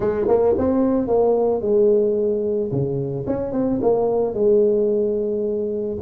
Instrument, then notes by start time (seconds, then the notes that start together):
tuba
0.00 G#3
0.28 A#3
0.58 C4
1.07 A#3
1.61 G#3
2.71 C#3
3.27 C#4
3.52 C4
3.81 A#3
4.34 G#3